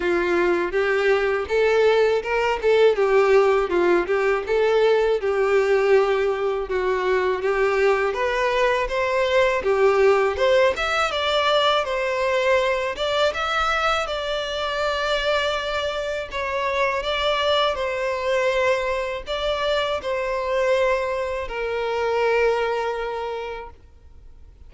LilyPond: \new Staff \with { instrumentName = "violin" } { \time 4/4 \tempo 4 = 81 f'4 g'4 a'4 ais'8 a'8 | g'4 f'8 g'8 a'4 g'4~ | g'4 fis'4 g'4 b'4 | c''4 g'4 c''8 e''8 d''4 |
c''4. d''8 e''4 d''4~ | d''2 cis''4 d''4 | c''2 d''4 c''4~ | c''4 ais'2. | }